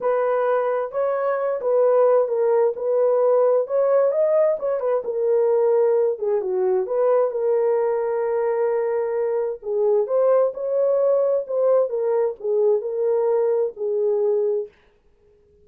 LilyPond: \new Staff \with { instrumentName = "horn" } { \time 4/4 \tempo 4 = 131 b'2 cis''4. b'8~ | b'4 ais'4 b'2 | cis''4 dis''4 cis''8 b'8 ais'4~ | ais'4. gis'8 fis'4 b'4 |
ais'1~ | ais'4 gis'4 c''4 cis''4~ | cis''4 c''4 ais'4 gis'4 | ais'2 gis'2 | }